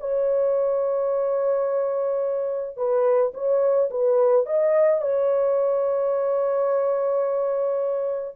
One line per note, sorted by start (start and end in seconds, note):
0.00 2.77 C#5
2.77 3.32 B4
3.34 3.89 C#5
3.90 4.46 B4
4.46 5.02 D#5
5.02 8.35 C#5